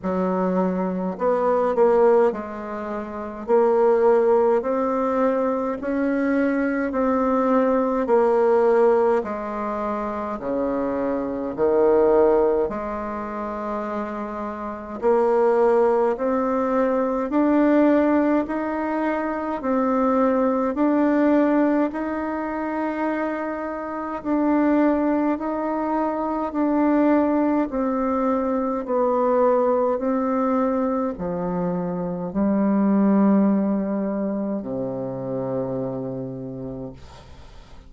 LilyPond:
\new Staff \with { instrumentName = "bassoon" } { \time 4/4 \tempo 4 = 52 fis4 b8 ais8 gis4 ais4 | c'4 cis'4 c'4 ais4 | gis4 cis4 dis4 gis4~ | gis4 ais4 c'4 d'4 |
dis'4 c'4 d'4 dis'4~ | dis'4 d'4 dis'4 d'4 | c'4 b4 c'4 f4 | g2 c2 | }